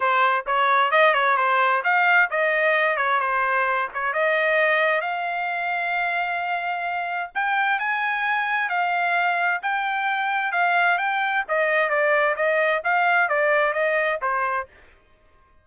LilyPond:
\new Staff \with { instrumentName = "trumpet" } { \time 4/4 \tempo 4 = 131 c''4 cis''4 dis''8 cis''8 c''4 | f''4 dis''4. cis''8 c''4~ | c''8 cis''8 dis''2 f''4~ | f''1 |
g''4 gis''2 f''4~ | f''4 g''2 f''4 | g''4 dis''4 d''4 dis''4 | f''4 d''4 dis''4 c''4 | }